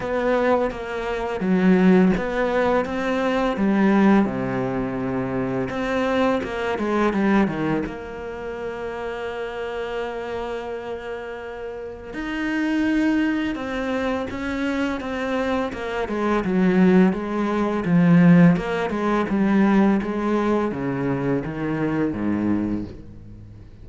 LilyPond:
\new Staff \with { instrumentName = "cello" } { \time 4/4 \tempo 4 = 84 b4 ais4 fis4 b4 | c'4 g4 c2 | c'4 ais8 gis8 g8 dis8 ais4~ | ais1~ |
ais4 dis'2 c'4 | cis'4 c'4 ais8 gis8 fis4 | gis4 f4 ais8 gis8 g4 | gis4 cis4 dis4 gis,4 | }